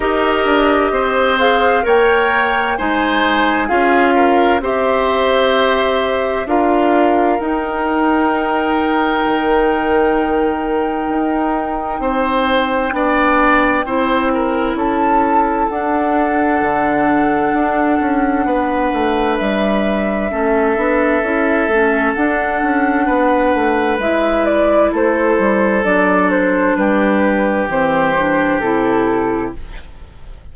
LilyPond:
<<
  \new Staff \with { instrumentName = "flute" } { \time 4/4 \tempo 4 = 65 dis''4. f''8 g''4 gis''4 | f''4 e''2 f''4 | g''1~ | g''1 |
a''4 fis''2.~ | fis''4 e''2. | fis''2 e''8 d''8 c''4 | d''8 c''8 b'4 c''4 a'4 | }
  \new Staff \with { instrumentName = "oboe" } { \time 4/4 ais'4 c''4 cis''4 c''4 | gis'8 ais'8 c''2 ais'4~ | ais'1~ | ais'4 c''4 d''4 c''8 ais'8 |
a'1 | b'2 a'2~ | a'4 b'2 a'4~ | a'4 g'2. | }
  \new Staff \with { instrumentName = "clarinet" } { \time 4/4 g'4. gis'8 ais'4 dis'4 | f'4 g'2 f'4 | dis'1~ | dis'2 d'4 e'4~ |
e'4 d'2.~ | d'2 cis'8 d'8 e'8 cis'8 | d'2 e'2 | d'2 c'8 d'8 e'4 | }
  \new Staff \with { instrumentName = "bassoon" } { \time 4/4 dis'8 d'8 c'4 ais4 gis4 | cis'4 c'2 d'4 | dis'2 dis2 | dis'4 c'4 b4 c'4 |
cis'4 d'4 d4 d'8 cis'8 | b8 a8 g4 a8 b8 cis'8 a8 | d'8 cis'8 b8 a8 gis4 a8 g8 | fis4 g4 e4 c4 | }
>>